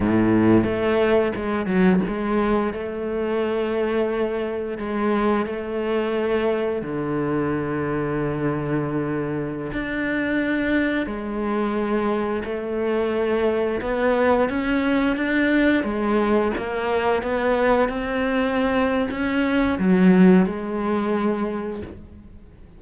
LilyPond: \new Staff \with { instrumentName = "cello" } { \time 4/4 \tempo 4 = 88 a,4 a4 gis8 fis8 gis4 | a2. gis4 | a2 d2~ | d2~ d16 d'4.~ d'16~ |
d'16 gis2 a4.~ a16~ | a16 b4 cis'4 d'4 gis8.~ | gis16 ais4 b4 c'4.~ c'16 | cis'4 fis4 gis2 | }